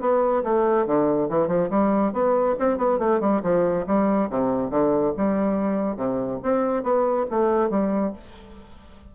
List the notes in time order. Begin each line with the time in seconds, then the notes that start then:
0.00 B3
0.43 A3
0.86 D3
1.29 E3
1.47 F3
1.70 G3
2.13 B3
2.59 C4
2.77 B3
2.98 A3
3.20 G3
3.42 F3
3.86 G3
4.30 C3
4.70 D3
5.17 G3
5.96 C3
6.42 C4
6.83 B3
7.30 A3
7.70 G3